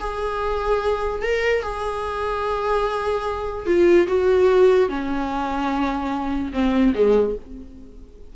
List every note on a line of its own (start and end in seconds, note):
0.00 1.22 G#4
1.22 1.63 A#4
1.63 3.66 G#4
3.66 4.07 F4
4.08 4.89 F#4
4.89 6.52 C#4
6.53 6.94 C4
6.95 7.35 G#3